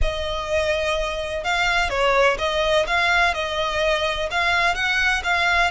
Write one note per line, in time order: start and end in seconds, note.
0.01 1.44 D#5
1.44 1.89 F5
1.89 2.37 C#5
2.38 2.86 D#5
2.86 3.33 F5
3.33 4.29 D#5
4.31 4.74 F5
4.74 5.22 F#5
5.23 5.70 F5